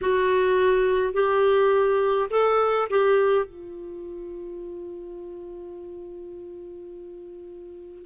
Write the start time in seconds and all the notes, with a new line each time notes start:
0.01 F#4
1.13 G4
2.30 A4
2.90 G4
3.45 F4